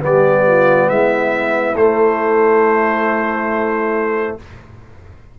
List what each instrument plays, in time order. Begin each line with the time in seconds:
0.00 tuba G3, trombone B3, horn G4, trumpet D5
0.47 horn F4
0.89 tuba G#3, horn E4, trumpet E5
1.74 tuba A3, trombone A3, trumpet C5